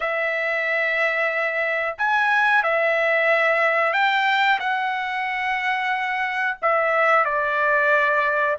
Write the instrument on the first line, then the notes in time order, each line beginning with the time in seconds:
trumpet
0.00 E5
1.98 G#5
2.63 E5
3.93 G5
4.59 F#5
6.61 E5
7.25 D5